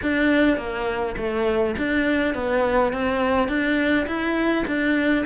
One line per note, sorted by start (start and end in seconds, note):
0.02 0.57 D4
0.57 1.15 A#3
1.17 1.75 A3
1.77 2.34 D4
2.34 2.92 B3
2.92 3.48 C4
3.48 4.06 D4
4.06 4.64 E4
4.66 5.25 D4